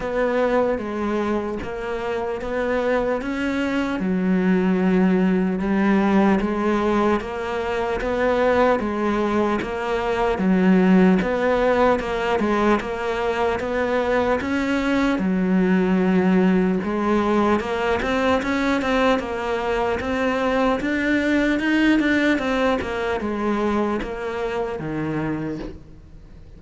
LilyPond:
\new Staff \with { instrumentName = "cello" } { \time 4/4 \tempo 4 = 75 b4 gis4 ais4 b4 | cis'4 fis2 g4 | gis4 ais4 b4 gis4 | ais4 fis4 b4 ais8 gis8 |
ais4 b4 cis'4 fis4~ | fis4 gis4 ais8 c'8 cis'8 c'8 | ais4 c'4 d'4 dis'8 d'8 | c'8 ais8 gis4 ais4 dis4 | }